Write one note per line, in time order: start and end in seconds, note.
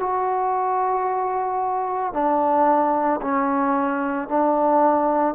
0.00 2.14 F#4
2.14 3.21 D4
3.22 4.29 C#4
4.29 5.35 D4